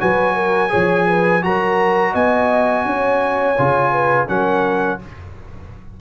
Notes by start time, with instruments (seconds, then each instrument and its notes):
0.00 tuba F#3, trombone F#4, horn B4, trumpet G#5
0.35 horn A#4
0.69 tuba F3, trombone G#4, horn C#5
1.07 horn B4
1.42 tuba F#3, trombone F#4, horn A#4, trumpet A#5
2.12 tuba B3, horn D#5, trumpet G#5
2.85 tuba C#4, horn C#5
3.58 tuba C#3, trombone F4
3.92 horn B4
4.27 tuba F#3, trombone C#4, horn A#4, trumpet F#5